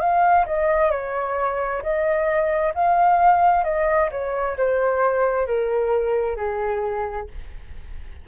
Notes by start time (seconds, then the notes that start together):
0.00 F5
0.46 D#5
0.91 C#5
1.82 D#5
2.74 F5
3.64 D#5
4.12 C#5
4.57 C5
5.47 A#4
6.37 G#4